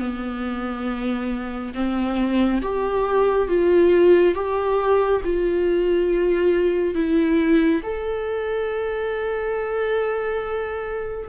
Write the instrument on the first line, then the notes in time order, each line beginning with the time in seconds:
viola
0.00 B3
1.75 C4
2.62 G4
3.49 F4
4.35 G4
5.25 F4
6.95 E4
7.83 A4